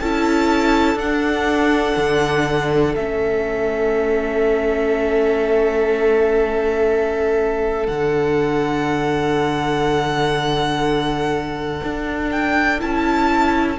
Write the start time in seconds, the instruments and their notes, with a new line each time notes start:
0.00 cello C#4, viola E4, violin A4 A5
0.95 cello D4, viola D4, violin F#5
1.97 cello D3
2.95 cello A3, viola C#4, violin E5
7.87 cello D3, viola D4, violin F#5
11.83 cello D4
12.31 violin G5
12.79 cello C#4, viola E4, violin A5